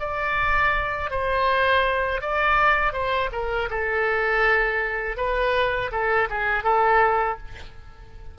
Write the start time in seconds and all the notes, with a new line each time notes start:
0.00 D5
1.11 C5
2.22 D5
2.93 C5
3.32 A#4
3.70 A4
5.17 B4
5.92 A4
6.30 G#4
6.64 A4